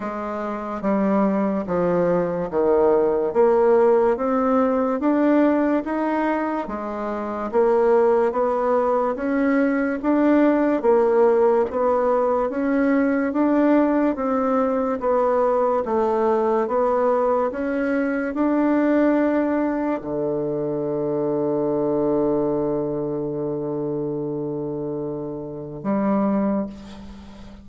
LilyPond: \new Staff \with { instrumentName = "bassoon" } { \time 4/4 \tempo 4 = 72 gis4 g4 f4 dis4 | ais4 c'4 d'4 dis'4 | gis4 ais4 b4 cis'4 | d'4 ais4 b4 cis'4 |
d'4 c'4 b4 a4 | b4 cis'4 d'2 | d1~ | d2. g4 | }